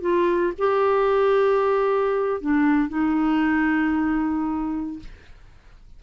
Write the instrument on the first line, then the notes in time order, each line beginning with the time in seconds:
clarinet
0.00 F4
0.58 G4
2.41 D4
2.88 D#4